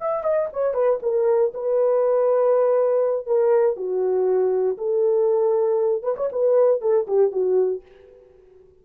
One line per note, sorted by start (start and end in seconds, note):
0.00 0.23 E5
0.23 0.49 D#5
0.52 0.74 C#5
0.74 0.99 B4
1.02 1.53 A#4
1.54 3.26 B4
3.26 3.76 A#4
3.76 4.77 F#4
4.77 6.03 A4
6.03 6.15 B4
6.17 6.29 C#5
6.32 6.81 B4
6.81 7.06 A4
7.07 7.31 G4
7.31 7.82 F#4